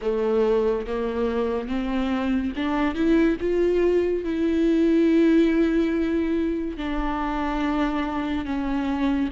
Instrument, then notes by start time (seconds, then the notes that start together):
viola
0.01 A3
0.86 A#3
1.68 C4
2.56 D4
2.95 E4
3.40 F4
4.23 E4
6.77 D4
8.45 C#4